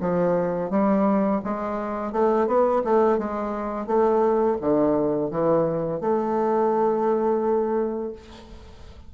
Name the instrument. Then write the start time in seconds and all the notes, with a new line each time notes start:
bassoon
0.00 F3
0.70 G3
1.44 G#3
2.12 A3
2.47 B3
2.84 A3
3.18 G#3
3.86 A3
4.61 D3
5.30 E3
6.00 A3